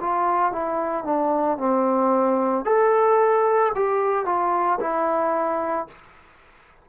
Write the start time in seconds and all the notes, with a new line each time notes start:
0.00 F4
0.52 E4
1.04 D4
1.58 C4
2.65 A4
3.75 G4
4.25 F4
4.80 E4